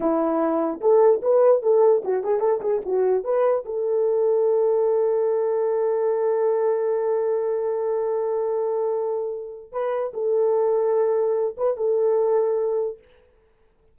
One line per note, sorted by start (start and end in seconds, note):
0.00 0.80 E4
0.81 1.21 A4
1.21 1.62 B4
1.62 2.03 A4
2.04 2.23 F#4
2.23 2.40 G#4
2.40 2.60 A4
2.61 2.81 G#4
2.85 3.24 F#4
3.24 3.64 B4
3.65 9.72 A4
9.72 10.12 B4
10.13 11.55 A4
11.57 11.76 B4
11.76 12.98 A4